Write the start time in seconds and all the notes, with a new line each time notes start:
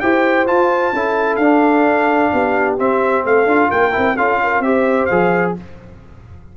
0.00 E4 G4 C5 G5
0.46 F4 A5
0.92 C#4 E4 A4
1.36 D4 F5
2.33 B3 G4
2.78 C4 E5
3.25 A3 A4 F5
3.46 D4 F4
3.70 A#3 A#4 G5
3.91 C4 E4
4.16 C#4 F4 A4 F5
4.43 A#4
4.59 C4 G4 C5 E5
5.05 F3 G#4 F5